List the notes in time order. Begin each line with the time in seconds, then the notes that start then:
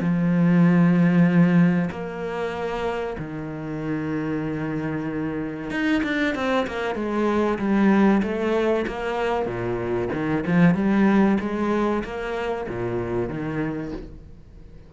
0.00 F3
1.90 A#3
3.18 D#3
5.70 D#4
6.03 D4
6.35 C4
6.67 A#3
6.95 G#3
7.58 G3
8.22 A3
8.87 A#3
9.45 A#2
10.13 D#3
10.46 F3
10.75 G3
11.40 G#3
12.04 A#3
12.68 A#2
13.29 D#3